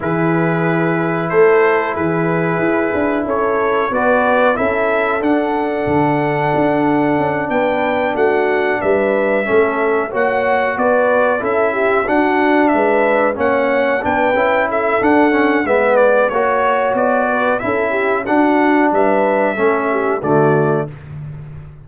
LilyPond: <<
  \new Staff \with { instrumentName = "trumpet" } { \time 4/4 \tempo 4 = 92 b'2 c''4 b'4~ | b'4 cis''4 d''4 e''4 | fis''2.~ fis''8 g''8~ | g''8 fis''4 e''2 fis''8~ |
fis''8 d''4 e''4 fis''4 e''8~ | e''8 fis''4 g''4 e''8 fis''4 | e''8 d''8 cis''4 d''4 e''4 | fis''4 e''2 d''4 | }
  \new Staff \with { instrumentName = "horn" } { \time 4/4 gis'2 a'4 gis'4~ | gis'4 a'4 b'4 a'4~ | a'2.~ a'8 b'8~ | b'8 fis'4 b'4 a'4 cis''8~ |
cis''8 b'4 a'8 g'8 fis'4 b'8~ | b'8 cis''4 b'4 a'4. | b'4 cis''4. b'8 a'8 g'8 | fis'4 b'4 a'8 g'8 fis'4 | }
  \new Staff \with { instrumentName = "trombone" } { \time 4/4 e'1~ | e'2 fis'4 e'4 | d'1~ | d'2~ d'8 cis'4 fis'8~ |
fis'4. e'4 d'4.~ | d'8 cis'4 d'8 e'4 d'8 cis'8 | b4 fis'2 e'4 | d'2 cis'4 a4 | }
  \new Staff \with { instrumentName = "tuba" } { \time 4/4 e2 a4 e4 | e'8 d'8 cis'4 b4 cis'4 | d'4 d4 d'4 cis'8 b8~ | b8 a4 g4 a4 ais8~ |
ais8 b4 cis'4 d'4 gis8~ | gis8 ais4 b8 cis'4 d'4 | gis4 ais4 b4 cis'4 | d'4 g4 a4 d4 | }
>>